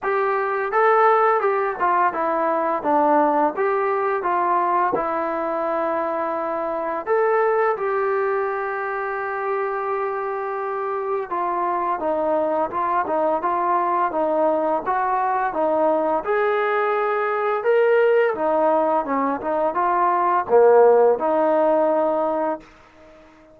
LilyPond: \new Staff \with { instrumentName = "trombone" } { \time 4/4 \tempo 4 = 85 g'4 a'4 g'8 f'8 e'4 | d'4 g'4 f'4 e'4~ | e'2 a'4 g'4~ | g'1 |
f'4 dis'4 f'8 dis'8 f'4 | dis'4 fis'4 dis'4 gis'4~ | gis'4 ais'4 dis'4 cis'8 dis'8 | f'4 ais4 dis'2 | }